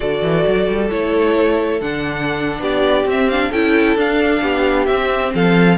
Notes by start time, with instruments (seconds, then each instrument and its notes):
0.00 cello D3, viola F#4, violin A4 D5
0.22 cello E3
0.47 cello F#3
0.68 cello G3
0.90 cello A3, viola E4, violin C#5
1.80 cello D3, viola D4, violin F#5
2.59 cello B3, violin G4 D5
3.05 cello C4, viola C4, violin E5
3.29 viola D4, violin F5
3.50 cello C#4, viola E4, violin A4 G5
3.95 cello D4, viola D4, violin F5
4.42 cello B3, violin G4
4.85 cello C4, viola C4, violin E5
5.34 cello F3, violin A4 F5